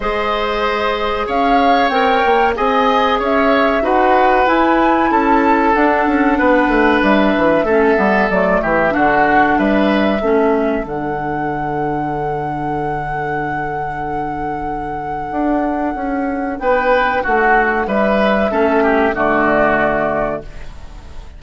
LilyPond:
<<
  \new Staff \with { instrumentName = "flute" } { \time 4/4 \tempo 4 = 94 dis''2 f''4 g''4 | gis''4 e''4 fis''4 gis''4 | a''4 fis''2 e''4~ | e''4 d''8 e''8 fis''4 e''4~ |
e''4 fis''2.~ | fis''1~ | fis''2 g''4 fis''4 | e''2 d''2 | }
  \new Staff \with { instrumentName = "oboe" } { \time 4/4 c''2 cis''2 | dis''4 cis''4 b'2 | a'2 b'2 | a'4. g'8 fis'4 b'4 |
a'1~ | a'1~ | a'2 b'4 fis'4 | b'4 a'8 g'8 fis'2 | }
  \new Staff \with { instrumentName = "clarinet" } { \time 4/4 gis'2. ais'4 | gis'2 fis'4 e'4~ | e'4 d'2. | cis'8 b8 a4 d'2 |
cis'4 d'2.~ | d'1~ | d'1~ | d'4 cis'4 a2 | }
  \new Staff \with { instrumentName = "bassoon" } { \time 4/4 gis2 cis'4 c'8 ais8 | c'4 cis'4 dis'4 e'4 | cis'4 d'8 cis'8 b8 a8 g8 e8 | a8 g8 fis8 e8 d4 g4 |
a4 d2.~ | d1 | d'4 cis'4 b4 a4 | g4 a4 d2 | }
>>